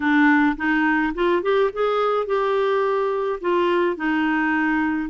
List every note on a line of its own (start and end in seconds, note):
0.00 0.55 D4
0.56 1.13 D#4
1.14 1.42 F4
1.42 1.70 G4
1.73 2.26 G#4
2.26 3.39 G4
3.40 3.96 F4
3.96 5.09 D#4